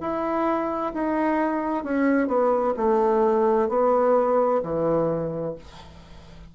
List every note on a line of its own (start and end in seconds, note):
0.00 0.92 E4
0.93 1.83 D#4
1.83 2.27 C#4
2.27 2.73 B3
2.77 3.68 A3
3.68 4.61 B3
4.62 5.55 E3